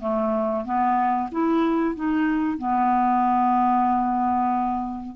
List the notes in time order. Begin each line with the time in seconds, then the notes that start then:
0.00 A3
0.65 B3
1.32 E4
1.95 D#4
2.58 B3